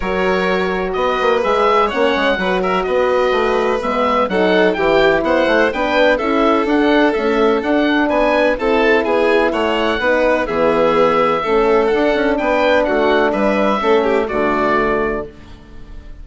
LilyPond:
<<
  \new Staff \with { instrumentName = "oboe" } { \time 4/4 \tempo 4 = 126 cis''2 dis''4 e''4 | fis''4. e''8 dis''2 | e''4 fis''4 g''4 fis''4 | g''4 e''4 fis''4 e''4 |
fis''4 gis''4 a''4 gis''4 | fis''2 e''2~ | e''4 fis''4 g''4 fis''4 | e''2 d''2 | }
  \new Staff \with { instrumentName = "violin" } { \time 4/4 ais'2 b'2 | cis''4 b'8 ais'8 b'2~ | b'4 a'4 g'4 c''4 | b'4 a'2.~ |
a'4 b'4 a'4 gis'4 | cis''4 b'4 gis'2 | a'2 b'4 fis'4 | b'4 a'8 g'8 fis'2 | }
  \new Staff \with { instrumentName = "horn" } { \time 4/4 fis'2. gis'4 | cis'4 fis'2. | b4 dis'4 e'2 | d'4 e'4 d'4 a4 |
d'2 e'2~ | e'4 dis'4 b2 | cis'4 d'2.~ | d'4 cis'4 a2 | }
  \new Staff \with { instrumentName = "bassoon" } { \time 4/4 fis2 b8 ais8 gis4 | ais8 gis8 fis4 b4 a4 | gis4 fis4 e4 b8 a8 | b4 cis'4 d'4 cis'4 |
d'4 b4 c'4 b4 | a4 b4 e2 | a4 d'8 cis'8 b4 a4 | g4 a4 d2 | }
>>